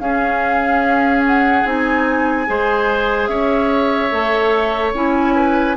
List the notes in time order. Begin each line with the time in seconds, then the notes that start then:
0.00 C#4 G#4 F5
1.27 F#5
1.65 C4 D#4 G#5
2.47 G#3 G#4 C5
3.28 C#4 C#5 E5
4.11 A3 A4
4.94 C#4 E4 G#5
5.35 B4